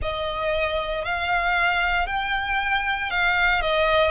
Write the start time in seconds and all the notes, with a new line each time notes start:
0.01 D#5
1.04 F5
2.06 G5
3.10 F5
3.61 D#5